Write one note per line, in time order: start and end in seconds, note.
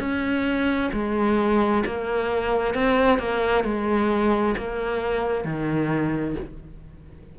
0.00 0.91 C#4
0.93 1.84 G#3
1.86 2.75 A#3
2.75 3.19 C4
3.19 3.65 A#3
3.65 4.56 G#3
4.58 5.45 A#3
5.45 6.36 D#3